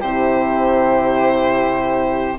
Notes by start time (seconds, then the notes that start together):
0.00 C3 E4 G4 C5